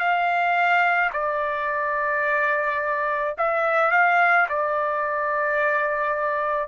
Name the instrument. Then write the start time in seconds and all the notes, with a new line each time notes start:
trumpet
0.00 F5
1.14 D5
3.38 E5
3.92 F5
4.49 D5